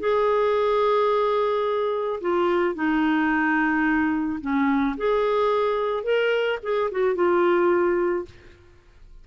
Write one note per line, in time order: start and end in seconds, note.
0.00 2.20 G#4
2.21 2.75 F4
2.75 4.40 D#4
4.41 4.96 C#4
4.97 6.04 G#4
6.04 6.59 A#4
6.63 6.91 G#4
6.92 7.16 F#4
7.16 8.26 F4